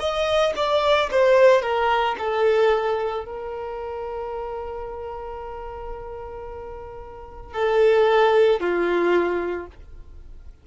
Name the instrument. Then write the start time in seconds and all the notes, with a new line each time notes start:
violin
0.00 D#5
0.56 D5
1.12 C5
1.62 A#4
2.19 A4
3.25 A#4
7.53 A4
8.60 F4